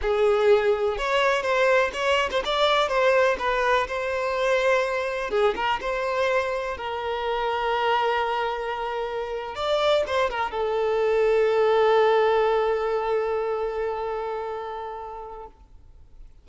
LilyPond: \new Staff \with { instrumentName = "violin" } { \time 4/4 \tempo 4 = 124 gis'2 cis''4 c''4 | cis''8. c''16 d''4 c''4 b'4 | c''2. gis'8 ais'8 | c''2 ais'2~ |
ais'2.~ ais'8. d''16~ | d''8. c''8 ais'8 a'2~ a'16~ | a'1~ | a'1 | }